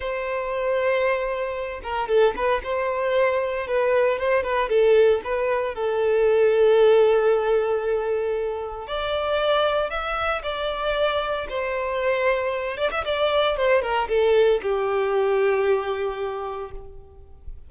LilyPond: \new Staff \with { instrumentName = "violin" } { \time 4/4 \tempo 4 = 115 c''2.~ c''8 ais'8 | a'8 b'8 c''2 b'4 | c''8 b'8 a'4 b'4 a'4~ | a'1~ |
a'4 d''2 e''4 | d''2 c''2~ | c''8 d''16 e''16 d''4 c''8 ais'8 a'4 | g'1 | }